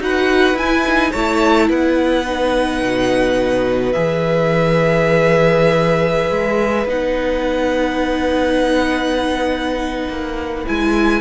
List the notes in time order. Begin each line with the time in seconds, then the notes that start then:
0.00 D#4 F#4 B4 F#5
0.54 E4 G#5
0.87 D#4
1.12 A3 E4 C#5 A5
1.69 B3 B4 F#5
2.26 D#4
2.83 B2
3.93 E3 G#4 E5
6.31 G#3
6.86 B3 D#4 F#5
10.09 A#3
10.67 G#3 E4 G#5